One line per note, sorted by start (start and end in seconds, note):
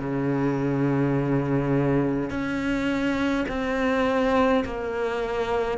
0.00 2.30 C#3
2.30 3.46 C#4
3.49 4.64 C4
4.65 5.78 A#3